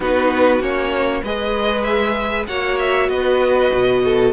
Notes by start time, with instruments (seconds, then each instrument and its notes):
0.00 cello B3, viola D#4, violin F#4 B4
0.60 cello A#3, viola C#4, violin C#5
1.23 cello G#3, viola G#4, violin B4 D#5
1.83 violin E5
2.47 cello A#3, viola F#4, violin C#5 F#5
2.78 violin E5
3.09 cello B3, violin B4 D#5
3.73 cello B2
4.04 violin A4